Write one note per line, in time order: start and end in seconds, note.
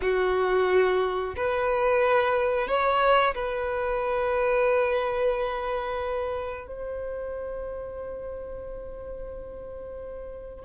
0.01 1.35 F#4
1.36 2.67 B4
2.67 3.34 C#5
3.35 6.67 B4
6.67 10.65 C5